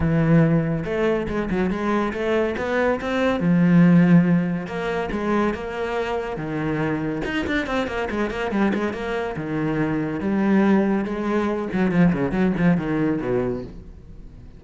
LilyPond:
\new Staff \with { instrumentName = "cello" } { \time 4/4 \tempo 4 = 141 e2 a4 gis8 fis8 | gis4 a4 b4 c'4 | f2. ais4 | gis4 ais2 dis4~ |
dis4 dis'8 d'8 c'8 ais8 gis8 ais8 | g8 gis8 ais4 dis2 | g2 gis4. fis8 | f8 cis8 fis8 f8 dis4 b,4 | }